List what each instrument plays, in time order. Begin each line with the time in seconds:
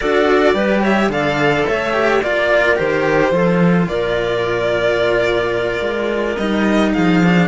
0.00 cello D4 F#4, clarinet A4, violin D5
0.53 cello G3 G4, clarinet B4
0.81 clarinet C#5, violin E5
1.08 cello D3 A4, clarinet D5, violin F5
1.67 cello A3, clarinet C#5, violin E5
1.93 cello G4
2.22 cello A#3 F4, violin D5, clarinet D5
2.63 clarinet A#4
2.76 cello D#3 G4, violin C5
3.31 cello F3 F4, clarinet A4
3.87 cello A#2, clarinet A#4, violin D5
5.80 cello G#3
6.36 cello G3 D#4, violin D#5
6.93 cello F3, clarinet G#4, violin F5
7.24 cello D4